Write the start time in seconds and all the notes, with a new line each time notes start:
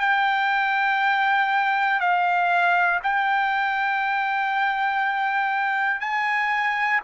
0.00 G5
2.00 F5
3.03 G5
6.00 G#5